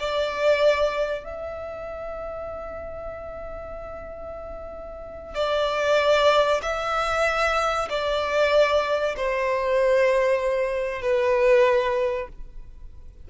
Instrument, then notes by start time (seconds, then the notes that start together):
violin
0.00 D5
1.24 E5
5.35 D5
6.62 E5
7.89 D5
9.17 C5
11.02 B4